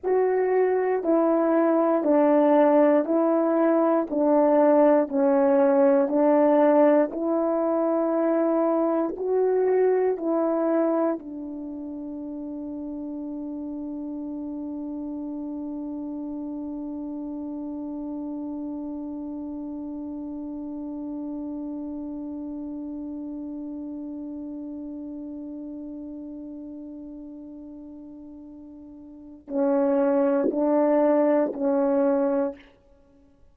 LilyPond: \new Staff \with { instrumentName = "horn" } { \time 4/4 \tempo 4 = 59 fis'4 e'4 d'4 e'4 | d'4 cis'4 d'4 e'4~ | e'4 fis'4 e'4 d'4~ | d'1~ |
d'1~ | d'1~ | d'1~ | d'4 cis'4 d'4 cis'4 | }